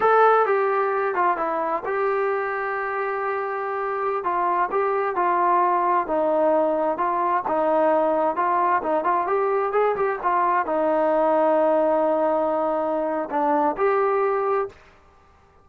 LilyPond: \new Staff \with { instrumentName = "trombone" } { \time 4/4 \tempo 4 = 131 a'4 g'4. f'8 e'4 | g'1~ | g'4~ g'16 f'4 g'4 f'8.~ | f'4~ f'16 dis'2 f'8.~ |
f'16 dis'2 f'4 dis'8 f'16~ | f'16 g'4 gis'8 g'8 f'4 dis'8.~ | dis'1~ | dis'4 d'4 g'2 | }